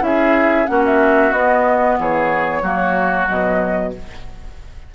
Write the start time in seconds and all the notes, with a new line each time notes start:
0.00 C#4 E4 G#4 E5
0.66 A#3 C#4 F#4 F#5
0.85 E5
1.31 B3 D#5
1.98 E3 G#4 C#5
2.62 F#3 A#3 F#4
3.27 B2 F#3 D#5